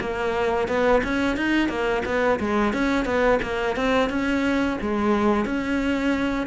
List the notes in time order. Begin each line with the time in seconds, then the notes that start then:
0.00 A#3
0.68 B3
1.04 C#4
1.37 D#4
1.68 A#3
2.05 B3
2.39 G#3
2.73 C#4
3.05 B3
3.42 A#3
3.76 C4
4.09 C#4
4.81 G#3
5.45 C#4